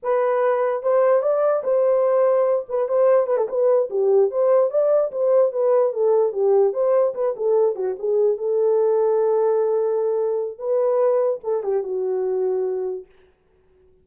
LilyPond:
\new Staff \with { instrumentName = "horn" } { \time 4/4 \tempo 4 = 147 b'2 c''4 d''4 | c''2~ c''8 b'8 c''4 | b'16 a'16 b'4 g'4 c''4 d''8~ | d''8 c''4 b'4 a'4 g'8~ |
g'8 c''4 b'8 a'4 fis'8 gis'8~ | gis'8 a'2.~ a'8~ | a'2 b'2 | a'8 g'8 fis'2. | }